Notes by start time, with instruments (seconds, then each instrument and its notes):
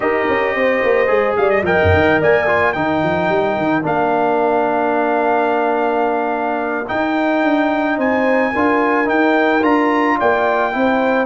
0.00 tuba D#4, trombone G4, horn A#4, trumpet D#5
0.28 tuba C#4
0.54 tuba C4, horn C5
0.83 tuba A#3
1.07 tuba G#3, trombone G#4
1.36 tuba G3, horn D5, trumpet F5
1.50 trumpet D#5
1.62 tuba F3, trombone A#4, horn D#5, trumpet G5
1.82 tuba F#2
1.93 tuba D#3
2.21 tuba A#3, horn D5, trumpet G#5
2.46 trombone F4
2.72 tuba D#3, trombone D#4, horn A#4, trumpet G5
3.03 tuba F3
3.28 tuba G3
3.57 tuba D#3
3.82 tuba A#3, trombone D4, trumpet F5
6.87 trombone D#4, tuba D#4, trumpet G5
7.43 tuba D4
7.97 tuba C4, horn C5, trumpet G#5
8.53 tuba D4, trombone F4, horn A#4
9.05 trombone D#4, tuba D#4, trumpet G5
9.62 tuba D4, trombone F4, trumpet A#5
10.17 tuba A#3, horn D5, trumpet G5
10.71 tuba C4, trombone E4, horn C5